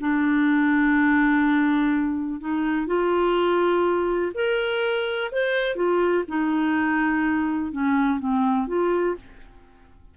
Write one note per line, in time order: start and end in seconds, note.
0.00 2.40 D4
2.40 2.87 D#4
2.87 4.32 F4
4.34 5.31 A#4
5.31 5.76 C5
5.76 6.24 F4
6.28 7.72 D#4
7.72 8.19 C#4
8.19 8.67 C4
8.67 9.16 F4